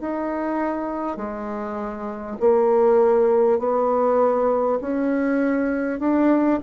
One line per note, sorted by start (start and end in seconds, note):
0.00 1.16 D#4
1.16 2.36 G#3
2.39 3.58 A#3
3.58 4.78 B3
4.81 5.99 C#4
5.99 6.59 D4